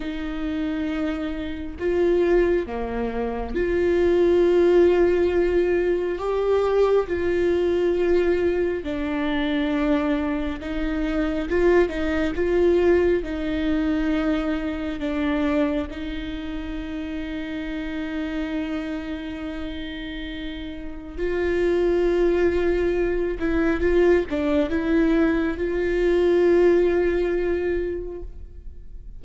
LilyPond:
\new Staff \with { instrumentName = "viola" } { \time 4/4 \tempo 4 = 68 dis'2 f'4 ais4 | f'2. g'4 | f'2 d'2 | dis'4 f'8 dis'8 f'4 dis'4~ |
dis'4 d'4 dis'2~ | dis'1 | f'2~ f'8 e'8 f'8 d'8 | e'4 f'2. | }